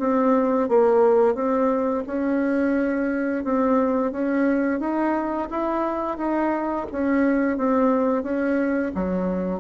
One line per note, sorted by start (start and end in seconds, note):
0.00 0.69 C4
0.69 1.35 A#3
1.35 2.04 C4
2.07 3.45 C#4
3.45 4.12 C4
4.12 4.80 C#4
4.80 5.49 D#4
5.51 6.18 E4
6.18 6.87 D#4
6.92 7.58 C#4
7.58 8.23 C4
8.23 8.92 C#4
8.95 9.61 F#3